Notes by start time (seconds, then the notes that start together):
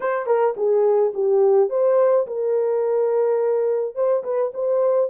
0.00 C5
0.26 A#4
0.56 G#4
1.13 G4
1.69 C5
2.26 A#4
3.95 C5
4.23 B4
4.53 C5